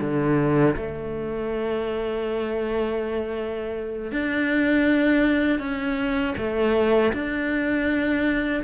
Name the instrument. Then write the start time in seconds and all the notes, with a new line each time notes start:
cello
0.00 D3
0.75 A3
4.11 D4
5.59 C#4
6.37 A3
7.12 D4